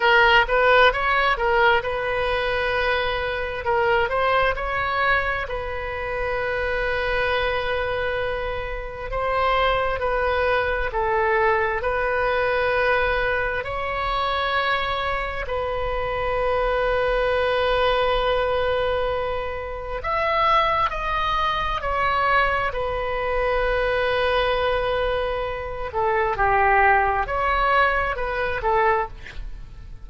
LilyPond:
\new Staff \with { instrumentName = "oboe" } { \time 4/4 \tempo 4 = 66 ais'8 b'8 cis''8 ais'8 b'2 | ais'8 c''8 cis''4 b'2~ | b'2 c''4 b'4 | a'4 b'2 cis''4~ |
cis''4 b'2.~ | b'2 e''4 dis''4 | cis''4 b'2.~ | b'8 a'8 g'4 cis''4 b'8 a'8 | }